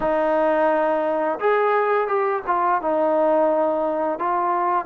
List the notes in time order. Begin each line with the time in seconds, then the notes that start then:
0.00 D#4
1.40 G#4
2.07 G4
2.46 F4
2.81 D#4
4.18 F4